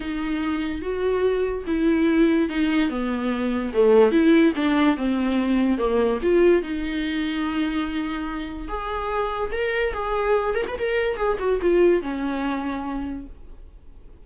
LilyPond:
\new Staff \with { instrumentName = "viola" } { \time 4/4 \tempo 4 = 145 dis'2 fis'2 | e'2 dis'4 b4~ | b4 a4 e'4 d'4 | c'2 ais4 f'4 |
dis'1~ | dis'4 gis'2 ais'4 | gis'4. ais'16 b'16 ais'4 gis'8 fis'8 | f'4 cis'2. | }